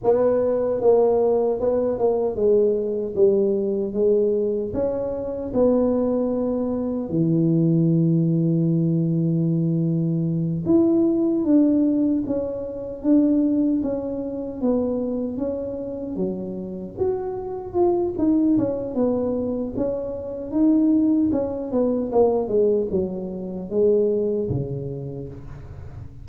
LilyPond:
\new Staff \with { instrumentName = "tuba" } { \time 4/4 \tempo 4 = 76 b4 ais4 b8 ais8 gis4 | g4 gis4 cis'4 b4~ | b4 e2.~ | e4. e'4 d'4 cis'8~ |
cis'8 d'4 cis'4 b4 cis'8~ | cis'8 fis4 fis'4 f'8 dis'8 cis'8 | b4 cis'4 dis'4 cis'8 b8 | ais8 gis8 fis4 gis4 cis4 | }